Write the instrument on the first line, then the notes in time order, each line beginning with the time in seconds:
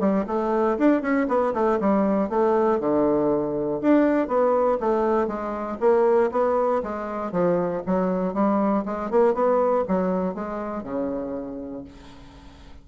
bassoon
0.00 G3
0.27 A3
0.78 D4
1.02 C#4
1.28 B3
1.54 A3
1.80 G3
2.29 A3
2.80 D3
3.82 D4
4.28 B3
4.80 A3
5.28 G#3
5.81 A#3
6.32 B3
6.83 G#3
7.32 F3
7.86 F#3
8.34 G3
8.86 G#3
9.11 A#3
9.34 B3
9.88 F#3
10.35 G#3
10.84 C#3